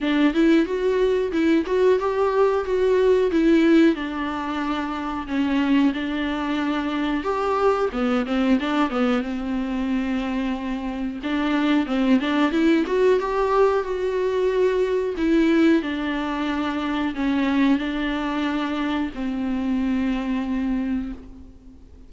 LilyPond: \new Staff \with { instrumentName = "viola" } { \time 4/4 \tempo 4 = 91 d'8 e'8 fis'4 e'8 fis'8 g'4 | fis'4 e'4 d'2 | cis'4 d'2 g'4 | b8 c'8 d'8 b8 c'2~ |
c'4 d'4 c'8 d'8 e'8 fis'8 | g'4 fis'2 e'4 | d'2 cis'4 d'4~ | d'4 c'2. | }